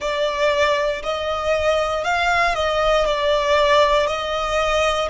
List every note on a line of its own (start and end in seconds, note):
0.00 1.02 D5
1.02 2.03 D#5
2.03 2.54 F5
2.54 3.05 D#5
3.05 4.06 D5
4.06 5.08 D#5